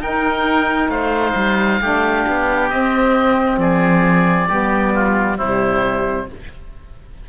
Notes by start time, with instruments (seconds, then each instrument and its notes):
0.00 cello D#4, saxophone D#4, oboe A#4 G5
0.89 cello A3, oboe C5 F5
1.36 cello G3
1.81 cello A3, saxophone D4, oboe G4
2.28 cello B3
2.70 saxophone C4, cello C4, oboe D#5
3.58 cello F3, oboe G#4 D5
4.49 cello G3, saxophone B3, oboe G4
4.94 oboe F4
5.37 cello C3, saxophone G3, oboe E4 C5